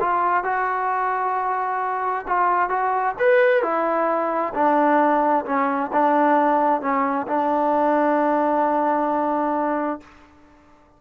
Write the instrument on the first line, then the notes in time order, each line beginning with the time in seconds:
trombone
0.00 F4
0.44 F#4
2.27 F4
2.69 F#4
3.19 B4
3.63 E4
4.54 D4
5.46 C#4
5.93 D4
6.81 C#4
7.27 D4